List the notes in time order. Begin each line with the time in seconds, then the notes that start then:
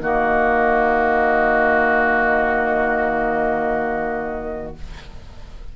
0.00 D#3 A#3 F#4 D#5